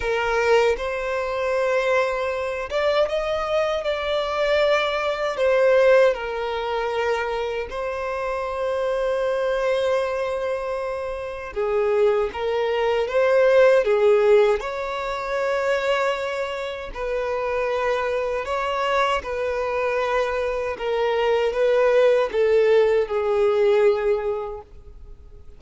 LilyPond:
\new Staff \with { instrumentName = "violin" } { \time 4/4 \tempo 4 = 78 ais'4 c''2~ c''8 d''8 | dis''4 d''2 c''4 | ais'2 c''2~ | c''2. gis'4 |
ais'4 c''4 gis'4 cis''4~ | cis''2 b'2 | cis''4 b'2 ais'4 | b'4 a'4 gis'2 | }